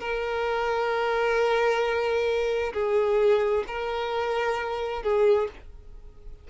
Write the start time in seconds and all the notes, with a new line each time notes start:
0.00 A#4
2.73 G#4
3.67 A#4
5.02 G#4